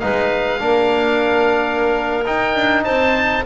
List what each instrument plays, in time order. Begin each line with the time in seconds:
0.00 double bass G#3, trombone D#4, clarinet B4, oboe F5
0.59 double bass A#3, trombone D4, clarinet A#4
2.26 trombone D#4, double bass D#4, oboe G5
2.56 double bass D4
2.84 double bass C4, clarinet C5, oboe A5